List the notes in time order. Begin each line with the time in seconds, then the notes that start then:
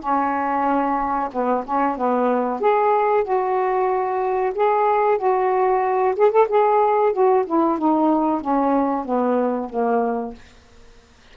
0.00 C#4
1.32 B3
1.66 C#4
1.97 B3
2.61 G#4
3.24 F#4
4.55 G#4
5.18 F#4
6.16 G#4
6.31 A4
6.48 G#4
7.13 F#4
7.46 E4
7.79 D#4
8.41 C#4
9.05 B3
9.70 A#3